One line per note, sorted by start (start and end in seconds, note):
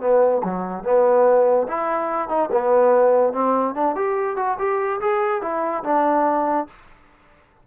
0.00 0.42 B3
0.44 0.84 F#3
0.84 1.67 B3
1.68 2.28 E4
2.28 2.49 D#4
2.52 3.33 B3
3.33 3.74 C4
3.74 3.95 D4
3.95 4.36 G4
4.36 4.57 F#4
4.58 5.00 G4
5.00 5.41 G#4
5.41 5.83 E4
5.83 6.67 D4